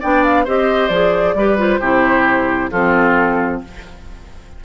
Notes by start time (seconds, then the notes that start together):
0.00 B3 D4 D5 G5
0.23 F5
0.44 C4 G4 C5 D#5
0.88 F3 G#4 D5
1.34 G3 G4 B4
1.58 F4 C5
1.80 C3 E4 G4
2.71 F3 C4 F4 A4